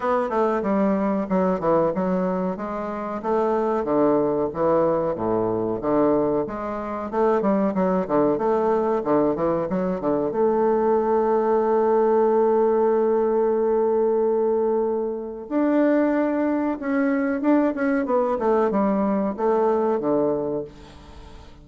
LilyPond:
\new Staff \with { instrumentName = "bassoon" } { \time 4/4 \tempo 4 = 93 b8 a8 g4 fis8 e8 fis4 | gis4 a4 d4 e4 | a,4 d4 gis4 a8 g8 | fis8 d8 a4 d8 e8 fis8 d8 |
a1~ | a1 | d'2 cis'4 d'8 cis'8 | b8 a8 g4 a4 d4 | }